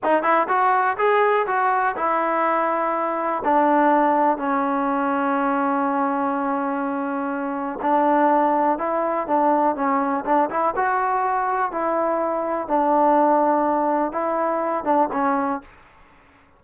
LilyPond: \new Staff \with { instrumentName = "trombone" } { \time 4/4 \tempo 4 = 123 dis'8 e'8 fis'4 gis'4 fis'4 | e'2. d'4~ | d'4 cis'2.~ | cis'1 |
d'2 e'4 d'4 | cis'4 d'8 e'8 fis'2 | e'2 d'2~ | d'4 e'4. d'8 cis'4 | }